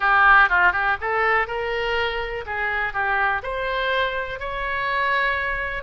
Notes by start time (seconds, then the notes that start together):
0.00 G4
0.49 F4
0.72 G4
1.00 A4
1.47 A#4
2.46 G#4
2.93 G4
3.42 C5
4.39 C#5